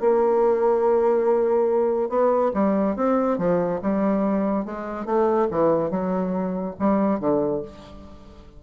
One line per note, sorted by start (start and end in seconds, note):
0.00 2.09 A#3
2.09 2.51 B3
2.53 2.95 G3
2.95 3.38 C4
3.38 3.80 F3
3.82 4.65 G3
4.65 5.05 G#3
5.05 5.47 A3
5.51 5.90 E3
5.90 6.75 F#3
6.79 7.19 G3
7.19 7.62 D3